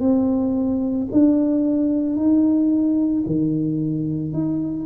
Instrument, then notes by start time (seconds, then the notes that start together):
tuba
0.00 C4
1.12 D4
2.16 D#4
3.26 D#3
4.33 D#4